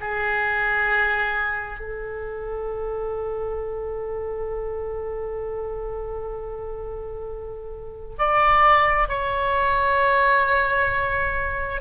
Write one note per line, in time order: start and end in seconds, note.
0.00 1.79 G#4
1.79 8.16 A4
8.18 9.08 D5
9.08 11.81 C#5